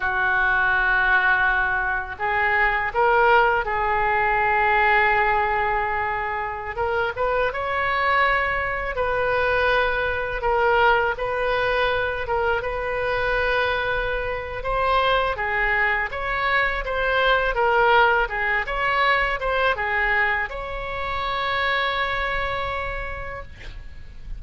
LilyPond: \new Staff \with { instrumentName = "oboe" } { \time 4/4 \tempo 4 = 82 fis'2. gis'4 | ais'4 gis'2.~ | gis'4~ gis'16 ais'8 b'8 cis''4.~ cis''16~ | cis''16 b'2 ais'4 b'8.~ |
b'8. ais'8 b'2~ b'8. | c''4 gis'4 cis''4 c''4 | ais'4 gis'8 cis''4 c''8 gis'4 | cis''1 | }